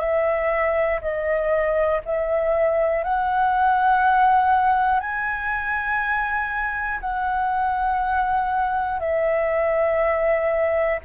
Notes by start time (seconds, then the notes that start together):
0.00 E5
1.01 D#5
2.05 E5
3.03 F#5
5.00 G#5
7.00 F#5
9.00 E5